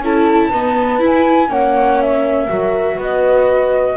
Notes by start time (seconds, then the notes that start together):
0.00 C#4 E4 A4 A5
0.50 B3 D#4 B4
1.00 E4
1.06 G#5
1.49 A#3 C#4 C#5 F#5
2.01 E5
2.49 F#3 F#4 A#4
2.96 B3 B4 D#5